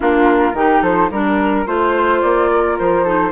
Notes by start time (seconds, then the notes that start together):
0.00 A#3 D4 F4 A#4
0.53 D#3 D#4 G4
0.82 F3 A4 C5
1.10 G3 D4 A#4
1.66 A3 F4 C5
2.21 A#3 D5
2.52 A#4
2.78 F3 C5
3.03 D#4 A4